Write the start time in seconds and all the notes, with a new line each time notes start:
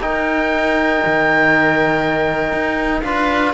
0.00 D#4 A#4 G5
1.06 D#3
2.52 D#4
3.02 D4 F4 B4 F5